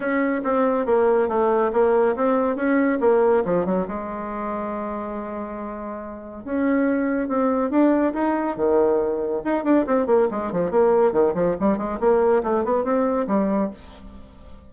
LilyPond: \new Staff \with { instrumentName = "bassoon" } { \time 4/4 \tempo 4 = 140 cis'4 c'4 ais4 a4 | ais4 c'4 cis'4 ais4 | f8 fis8 gis2.~ | gis2. cis'4~ |
cis'4 c'4 d'4 dis'4 | dis2 dis'8 d'8 c'8 ais8 | gis8 f8 ais4 dis8 f8 g8 gis8 | ais4 a8 b8 c'4 g4 | }